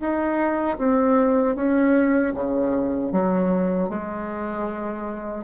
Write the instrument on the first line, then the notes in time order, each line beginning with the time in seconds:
bassoon
0.00 D#4
0.78 C4
1.56 C#4
2.34 C#3
3.12 F#3
3.90 G#3